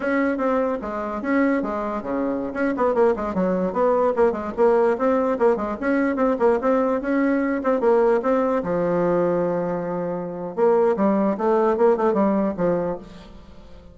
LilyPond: \new Staff \with { instrumentName = "bassoon" } { \time 4/4 \tempo 4 = 148 cis'4 c'4 gis4 cis'4 | gis4 cis4~ cis16 cis'8 b8 ais8 gis16~ | gis16 fis4 b4 ais8 gis8 ais8.~ | ais16 c'4 ais8 gis8 cis'4 c'8 ais16~ |
ais16 c'4 cis'4. c'8 ais8.~ | ais16 c'4 f2~ f8.~ | f2 ais4 g4 | a4 ais8 a8 g4 f4 | }